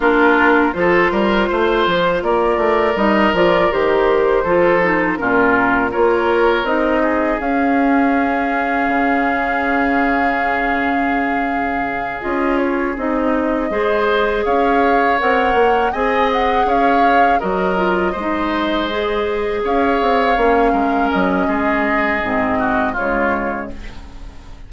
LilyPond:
<<
  \new Staff \with { instrumentName = "flute" } { \time 4/4 \tempo 4 = 81 ais'4 c''2 d''4 | dis''8 d''8 c''2 ais'4 | cis''4 dis''4 f''2~ | f''1~ |
f''8 dis''8 cis''8 dis''2 f''8~ | f''8 fis''4 gis''8 fis''8 f''4 dis''8~ | dis''2~ dis''8 f''4.~ | f''8 dis''2~ dis''8 cis''4 | }
  \new Staff \with { instrumentName = "oboe" } { \time 4/4 f'4 a'8 ais'8 c''4 ais'4~ | ais'2 a'4 f'4 | ais'4. gis'2~ gis'8~ | gis'1~ |
gis'2~ gis'8 c''4 cis''8~ | cis''4. dis''4 cis''4 ais'8~ | ais'8 c''2 cis''4. | ais'4 gis'4. fis'8 f'4 | }
  \new Staff \with { instrumentName = "clarinet" } { \time 4/4 d'4 f'2. | dis'8 f'8 g'4 f'8 dis'8 cis'4 | f'4 dis'4 cis'2~ | cis'1~ |
cis'8 f'4 dis'4 gis'4.~ | gis'8 ais'4 gis'2 fis'8 | f'8 dis'4 gis'2 cis'8~ | cis'2 c'4 gis4 | }
  \new Staff \with { instrumentName = "bassoon" } { \time 4/4 ais4 f8 g8 a8 f8 ais8 a8 | g8 f8 dis4 f4 ais,4 | ais4 c'4 cis'2 | cis1~ |
cis8 cis'4 c'4 gis4 cis'8~ | cis'8 c'8 ais8 c'4 cis'4 fis8~ | fis8 gis2 cis'8 c'8 ais8 | gis8 fis8 gis4 gis,4 cis4 | }
>>